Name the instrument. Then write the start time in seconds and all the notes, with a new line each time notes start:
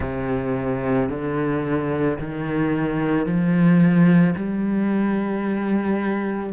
cello
0.00 C3
1.09 D3
2.19 D#3
3.25 F3
4.35 G3